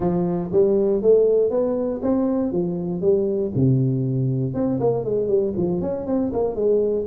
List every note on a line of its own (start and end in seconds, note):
0.00 0.50 F3
0.52 1.02 G3
1.02 1.50 A3
1.50 2.01 B3
2.02 2.52 C4
2.52 3.01 F3
3.01 3.51 G3
3.55 4.54 C3
4.54 4.79 C4
4.79 5.04 A#3
5.04 5.28 G#3
5.28 5.53 G3
5.56 5.81 F3
5.81 6.06 C#4
6.06 6.31 C4
6.32 6.55 A#3
6.55 7.05 G#3